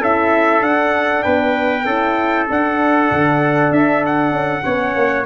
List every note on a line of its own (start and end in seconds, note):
0.00 0.61 C#4
0.00 0.60 E4
0.00 1.24 A4
0.00 0.63 E5
0.60 1.84 D4
0.60 1.23 D4
0.60 1.23 F#5
1.23 1.85 B3
1.23 1.85 B4
1.23 2.46 G5
1.85 2.47 C#4
1.85 2.48 E4
1.85 4.64 A4
2.48 4.62 D4
2.48 3.11 D4
2.48 3.73 F#5
3.11 3.70 D3
3.70 4.31 D4
3.70 4.04 E5
4.06 5.26 F#5
4.31 4.62 C#4
4.62 4.95 B3
4.62 5.24 C#4
4.62 5.26 C#5
4.95 5.26 A#3